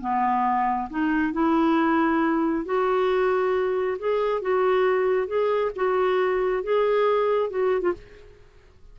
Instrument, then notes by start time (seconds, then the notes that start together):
clarinet
0.00 B3
0.90 D#4
1.33 E4
2.65 F#4
3.98 G#4
4.41 F#4
5.27 G#4
5.75 F#4
6.63 G#4
7.50 F#4
7.81 F4